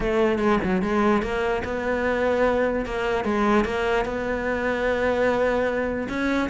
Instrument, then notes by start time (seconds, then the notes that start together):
cello
0.00 A3
0.39 G#3
0.64 F#3
0.81 G#3
1.22 A#3
1.64 B3
2.85 A#3
3.24 G#3
3.64 A#3
4.05 B3
6.08 C#4